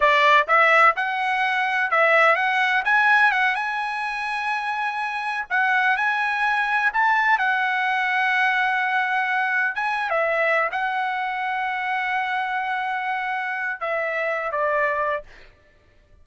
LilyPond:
\new Staff \with { instrumentName = "trumpet" } { \time 4/4 \tempo 4 = 126 d''4 e''4 fis''2 | e''4 fis''4 gis''4 fis''8 gis''8~ | gis''2.~ gis''8 fis''8~ | fis''8 gis''2 a''4 fis''8~ |
fis''1~ | fis''8 gis''8. e''4~ e''16 fis''4.~ | fis''1~ | fis''4 e''4. d''4. | }